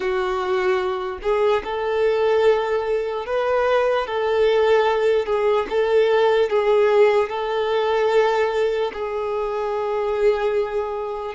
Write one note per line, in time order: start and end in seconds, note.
0.00 1.18 F#4
1.22 1.63 G#4
1.64 3.26 A4
3.26 4.06 B4
4.06 5.26 A4
5.26 5.66 G#4
5.69 6.49 A4
6.49 7.29 G#4
7.29 8.91 A4
8.93 11.34 G#4